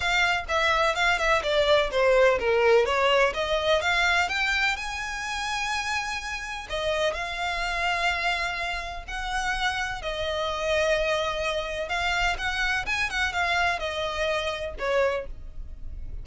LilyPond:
\new Staff \with { instrumentName = "violin" } { \time 4/4 \tempo 4 = 126 f''4 e''4 f''8 e''8 d''4 | c''4 ais'4 cis''4 dis''4 | f''4 g''4 gis''2~ | gis''2 dis''4 f''4~ |
f''2. fis''4~ | fis''4 dis''2.~ | dis''4 f''4 fis''4 gis''8 fis''8 | f''4 dis''2 cis''4 | }